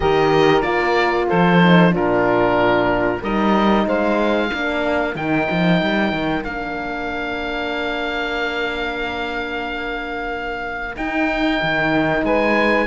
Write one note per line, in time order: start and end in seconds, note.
0.00 0.62 D#3
0.00 0.63 G4
0.00 1.27 A#4
0.00 0.61 D#5
0.61 1.27 A#3
0.61 1.59 F4
0.61 1.26 D5
1.27 1.95 F3
1.27 1.90 A4
1.27 1.94 C5
1.60 1.91 D#4
1.90 3.21 A#2
1.90 3.20 D4
1.90 3.19 F4
1.90 3.23 A#4
3.21 3.86 G3
3.21 4.52 D#4
3.21 3.86 A#4
3.21 3.87 D#5
3.86 4.50 G#3
3.86 4.48 C5
3.86 5.15 F5
4.48 5.15 A#3
4.48 5.16 D4
4.48 12.22 A#4
5.15 5.47 D#3
5.15 6.44 D#4
5.15 6.43 G5
5.50 5.81 F3
5.81 6.12 G3
6.12 6.44 D#3
6.43 10.95 A#3
6.43 10.95 D4
6.43 10.95 F5
10.95 12.86 D#4
10.95 11.61 D#4
10.95 12.25 G5
11.62 12.23 D#3
12.23 12.86 G#3
12.23 12.86 B4
12.23 12.86 G#5